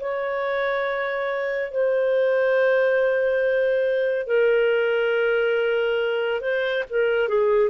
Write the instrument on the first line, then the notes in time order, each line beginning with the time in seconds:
clarinet
0.00 C#5
1.71 C5
4.27 A#4
6.41 C5
6.90 A#4
7.29 G#4